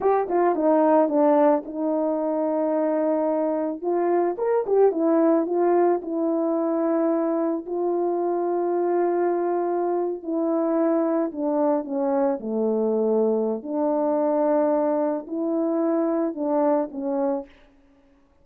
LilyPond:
\new Staff \with { instrumentName = "horn" } { \time 4/4 \tempo 4 = 110 g'8 f'8 dis'4 d'4 dis'4~ | dis'2. f'4 | ais'8 g'8 e'4 f'4 e'4~ | e'2 f'2~ |
f'2~ f'8. e'4~ e'16~ | e'8. d'4 cis'4 a4~ a16~ | a4 d'2. | e'2 d'4 cis'4 | }